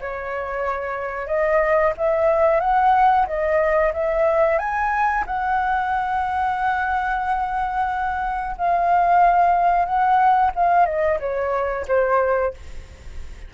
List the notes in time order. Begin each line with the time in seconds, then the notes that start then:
0.00 C#5
1.27 D#5
1.97 E5
2.60 F#5
3.26 D#5
3.93 E5
4.58 G#5
5.26 F#5
8.57 F5
9.85 F#5
10.55 F5
10.86 D#5
11.19 C#5
11.88 C5